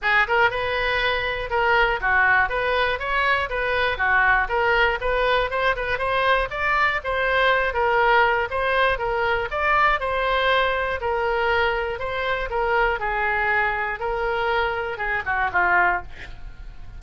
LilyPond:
\new Staff \with { instrumentName = "oboe" } { \time 4/4 \tempo 4 = 120 gis'8 ais'8 b'2 ais'4 | fis'4 b'4 cis''4 b'4 | fis'4 ais'4 b'4 c''8 b'8 | c''4 d''4 c''4. ais'8~ |
ais'4 c''4 ais'4 d''4 | c''2 ais'2 | c''4 ais'4 gis'2 | ais'2 gis'8 fis'8 f'4 | }